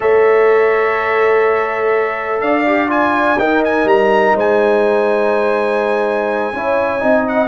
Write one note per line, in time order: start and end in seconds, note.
0.00 2.40 A3
0.00 2.65 A4
0.00 2.42 C#5
0.00 2.40 E5
2.40 3.37 D4
2.40 3.39 D5
2.40 2.89 F5
2.66 2.88 G4
2.88 3.36 F4
2.88 3.38 G#5
3.38 3.84 D#4
3.38 6.53 D#4
3.38 4.36 A#4
3.38 3.62 G5
3.64 3.88 G#5
3.84 4.33 G3
3.84 4.36 A#5
4.34 6.52 G#3
4.34 6.53 C5
4.34 7.28 G#5
6.52 7.01 C#4
6.52 6.99 E4
6.52 7.03 C#5
6.99 7.48 C4
6.99 7.47 D#4
6.99 7.48 D#5
7.28 7.48 F#5